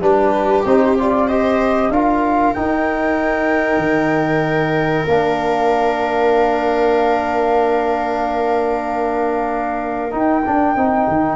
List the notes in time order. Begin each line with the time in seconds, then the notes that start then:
0.00 G3 D4 G4 B4
0.65 C4 D#4 C5
0.98 F4 D5
1.27 G4 C5 D#5
1.89 D4 F4 A#4 F5
2.53 D#4 G5
3.77 D#3
5.07 A#3 D4 F5
10.10 D#4 G5
10.45 D4
10.76 C4 D#4
11.07 D#3